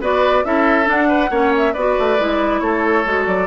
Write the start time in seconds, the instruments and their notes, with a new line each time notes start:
0.00 bassoon B3, clarinet F#4, oboe B4, flute D5
0.44 bassoon C#4, clarinet E4, oboe A4, flute E5
0.85 clarinet D4, bassoon D4, flute F#5
1.08 oboe B4
1.30 bassoon A#3, clarinet C#4, oboe C#5
1.57 flute E5
1.73 bassoon B3, clarinet F#4, oboe B4, flute D5
1.98 bassoon A3
2.18 bassoon G#3, clarinet E4
2.60 bassoon A3, oboe A4, flute C#5
3.05 bassoon G#3, clarinet F#4
3.26 bassoon F#3, flute D5